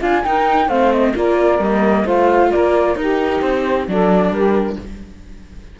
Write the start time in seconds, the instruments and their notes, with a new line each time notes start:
0.00 cello D4, viola F4, saxophone F5, flute G#5
0.24 viola D#4, cello D#4, saxophone A#4, flute G5
0.67 cello A3, viola C4, saxophone C5, flute F5
0.92 flute D#5
1.14 cello A#3, viola F4, saxophone A#4, flute D5
1.58 cello G3, viola A#3, flute D#5
2.04 cello A3, viola F4, saxophone C5, flute F5
2.51 cello A#3, saxophone A#4, flute D5
2.95 cello D#4, viola D#4, saxophone G4, flute A#4
3.41 cello C4, flute C5
3.87 cello F#3, viola D4, saxophone A4, flute D5
4.30 cello G3, saxophone G4, flute A#4